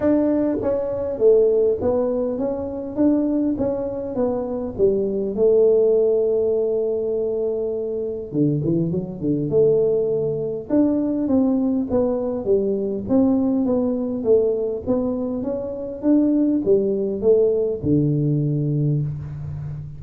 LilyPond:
\new Staff \with { instrumentName = "tuba" } { \time 4/4 \tempo 4 = 101 d'4 cis'4 a4 b4 | cis'4 d'4 cis'4 b4 | g4 a2.~ | a2 d8 e8 fis8 d8 |
a2 d'4 c'4 | b4 g4 c'4 b4 | a4 b4 cis'4 d'4 | g4 a4 d2 | }